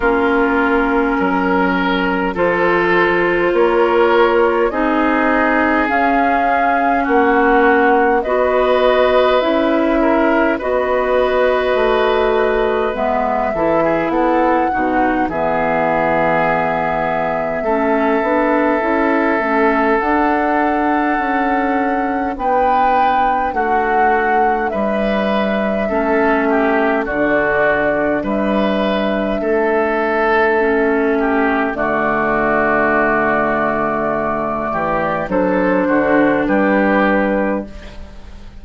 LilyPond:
<<
  \new Staff \with { instrumentName = "flute" } { \time 4/4 \tempo 4 = 51 ais'2 c''4 cis''4 | dis''4 f''4 fis''4 dis''4 | e''4 dis''2 e''4 | fis''4 e''2.~ |
e''4 fis''2 g''4 | fis''4 e''2 d''4 | e''2. d''4~ | d''2 c''4 b'4 | }
  \new Staff \with { instrumentName = "oboe" } { \time 4/4 f'4 ais'4 a'4 ais'4 | gis'2 fis'4 b'4~ | b'8 ais'8 b'2~ b'8 a'16 gis'16 | a'8 fis'8 gis'2 a'4~ |
a'2. b'4 | fis'4 b'4 a'8 g'8 fis'4 | b'4 a'4. g'8 fis'4~ | fis'4. g'8 a'8 fis'8 g'4 | }
  \new Staff \with { instrumentName = "clarinet" } { \time 4/4 cis'2 f'2 | dis'4 cis'2 fis'4 | e'4 fis'2 b8 e'8~ | e'8 dis'8 b2 cis'8 d'8 |
e'8 cis'8 d'2.~ | d'2 cis'4 d'4~ | d'2 cis'4 a4~ | a2 d'2 | }
  \new Staff \with { instrumentName = "bassoon" } { \time 4/4 ais4 fis4 f4 ais4 | c'4 cis'4 ais4 b4 | cis'4 b4 a4 gis8 e8 | b8 b,8 e2 a8 b8 |
cis'8 a8 d'4 cis'4 b4 | a4 g4 a4 d4 | g4 a2 d4~ | d4. e8 fis8 d8 g4 | }
>>